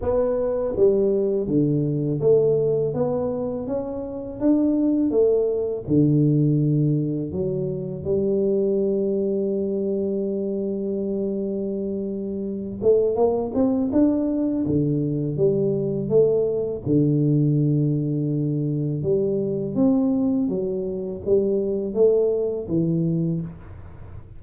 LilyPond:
\new Staff \with { instrumentName = "tuba" } { \time 4/4 \tempo 4 = 82 b4 g4 d4 a4 | b4 cis'4 d'4 a4 | d2 fis4 g4~ | g1~ |
g4. a8 ais8 c'8 d'4 | d4 g4 a4 d4~ | d2 g4 c'4 | fis4 g4 a4 e4 | }